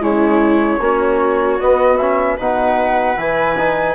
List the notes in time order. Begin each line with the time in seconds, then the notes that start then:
0.00 C#3 G#3 E4 C#5
0.80 A#3 C#4 F#4
1.59 B3 D#5
1.97 C#4 E5
2.37 B2 D#4 B4 F#5
3.16 E3 E4 G#5
3.58 D#4